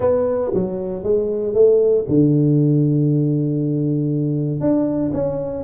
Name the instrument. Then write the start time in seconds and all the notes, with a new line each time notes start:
tuba
0.00 B3
0.54 F#3
1.03 G#3
1.54 A3
2.07 D3
4.60 D4
5.13 C#4